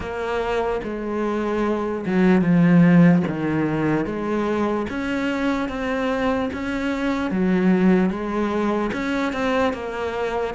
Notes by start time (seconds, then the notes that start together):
0.00 A#3
0.83 G#3
2.06 F#3
2.41 F3
3.27 D#3
4.05 G#3
4.89 C#4
5.69 C4
6.53 C#4
7.30 F#3
8.09 G#3
8.92 C#4
9.32 C4
9.73 A#3